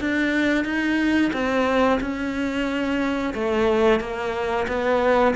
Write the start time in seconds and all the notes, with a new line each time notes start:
0.00 D4
0.65 D#4
1.33 C4
2.01 C#4
3.34 A3
4.00 A#3
4.68 B3